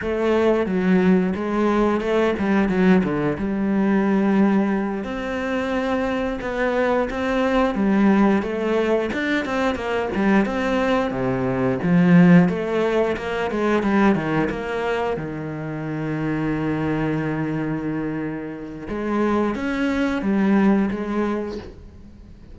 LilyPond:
\new Staff \with { instrumentName = "cello" } { \time 4/4 \tempo 4 = 89 a4 fis4 gis4 a8 g8 | fis8 d8 g2~ g8 c'8~ | c'4. b4 c'4 g8~ | g8 a4 d'8 c'8 ais8 g8 c'8~ |
c'8 c4 f4 a4 ais8 | gis8 g8 dis8 ais4 dis4.~ | dis1 | gis4 cis'4 g4 gis4 | }